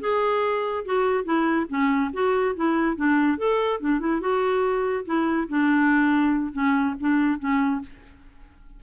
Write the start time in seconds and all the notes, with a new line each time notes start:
0.00 G#4
0.85 F#4
1.24 E4
1.69 C#4
2.13 F#4
2.55 E4
2.96 D4
3.38 A4
3.80 D4
3.99 E4
4.20 F#4
5.05 E4
5.49 D4
6.52 C#4
6.99 D4
7.39 C#4